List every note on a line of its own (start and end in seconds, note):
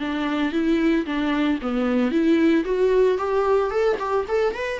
0.00 0.52 D4
0.52 1.05 E4
1.06 1.59 D4
1.62 2.11 B3
2.11 2.65 E4
2.65 3.18 F#4
3.18 3.71 G4
3.71 3.97 A4
3.99 4.26 G4
4.28 4.54 A4
4.54 4.80 B4